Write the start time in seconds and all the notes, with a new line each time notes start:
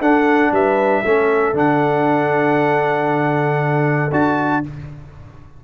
0.00 D4 A4 F#5
0.52 G3 B4 E5
1.02 A3 C#4 A4
1.54 D3 D4 F#5
4.12 D4 F#4 A5